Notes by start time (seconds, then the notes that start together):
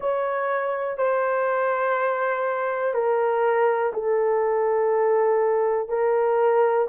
0.00 C#5
0.97 C5
2.93 A#4
3.93 A4
5.88 A#4